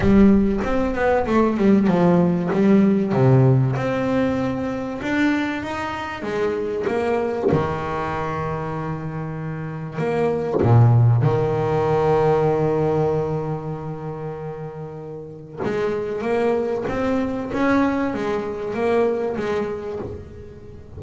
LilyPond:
\new Staff \with { instrumentName = "double bass" } { \time 4/4 \tempo 4 = 96 g4 c'8 b8 a8 g8 f4 | g4 c4 c'2 | d'4 dis'4 gis4 ais4 | dis1 |
ais4 ais,4 dis2~ | dis1~ | dis4 gis4 ais4 c'4 | cis'4 gis4 ais4 gis4 | }